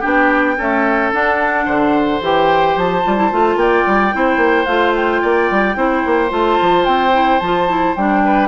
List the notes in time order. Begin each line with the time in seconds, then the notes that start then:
0.00 B3 D4 G4 G5
0.58 A3 C#4 A4
1.13 D4 F#5
1.65 D3 C5
2.21 E3 G4 G5
2.76 F3 A5
3.04 G3 F4
3.17 E4
3.32 A3 F4
3.56 A#3 D5 G5
3.87 G3
4.12 C4 E4 C5
4.37 A#3
4.65 A3 F4 F5
4.95 G5
5.22 A#3 D5
5.51 G3
5.75 C4 E4 C5
6.06 A#3
6.29 A3 F4 A5
6.61 F3
6.85 C4 G5
7.13 E4
7.40 F3 F4 A5
7.68 E4
7.96 G3 D4 G5
8.24 B4